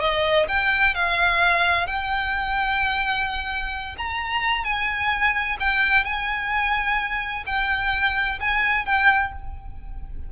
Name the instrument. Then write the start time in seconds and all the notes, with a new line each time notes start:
violin
0.00 D#5
0.48 G5
0.95 F5
1.87 G5
3.98 A#5
4.64 G#5
5.60 G5
6.05 G#5
7.47 G5
8.40 G#5
8.86 G5